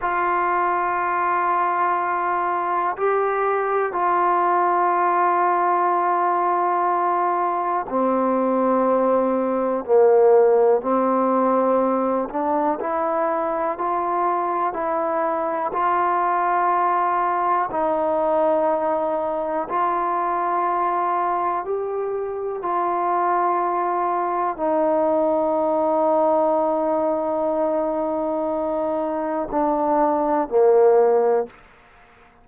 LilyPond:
\new Staff \with { instrumentName = "trombone" } { \time 4/4 \tempo 4 = 61 f'2. g'4 | f'1 | c'2 ais4 c'4~ | c'8 d'8 e'4 f'4 e'4 |
f'2 dis'2 | f'2 g'4 f'4~ | f'4 dis'2.~ | dis'2 d'4 ais4 | }